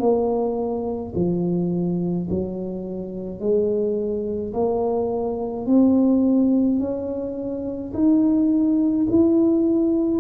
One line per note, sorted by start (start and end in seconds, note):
0.00 1.13 A#3
1.15 2.28 F3
2.30 3.40 F#3
3.40 4.53 G#3
4.53 5.66 A#3
5.66 6.79 C4
6.80 7.93 C#4
7.94 9.07 D#4
9.10 10.20 E4